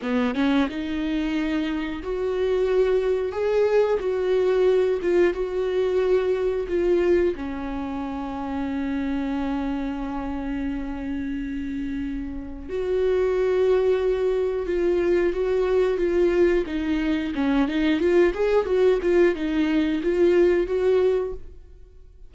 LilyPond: \new Staff \with { instrumentName = "viola" } { \time 4/4 \tempo 4 = 90 b8 cis'8 dis'2 fis'4~ | fis'4 gis'4 fis'4. f'8 | fis'2 f'4 cis'4~ | cis'1~ |
cis'2. fis'4~ | fis'2 f'4 fis'4 | f'4 dis'4 cis'8 dis'8 f'8 gis'8 | fis'8 f'8 dis'4 f'4 fis'4 | }